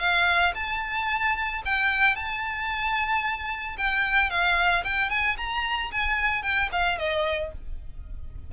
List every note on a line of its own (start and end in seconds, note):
0.00 0.54 F5
0.55 1.62 A5
1.66 2.16 G5
2.16 3.76 A5
3.78 4.30 G5
4.30 4.84 F5
4.84 5.10 G5
5.10 5.37 G#5
5.38 5.91 A#5
5.92 6.43 G#5
6.43 6.69 G5
6.72 6.99 F5
6.99 7.52 D#5